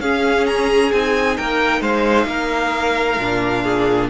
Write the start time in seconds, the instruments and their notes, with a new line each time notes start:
0.00 cello C#4, viola C#4, violin G#4 F5
0.46 violin A#5
0.92 cello C4, viola D#4, violin G#5
1.37 cello A#3, violin A#4 G5
1.81 cello G#3, violin C5 F5
2.25 cello A#3, violin A#4
3.19 cello A#2, viola D4
3.63 violin G#4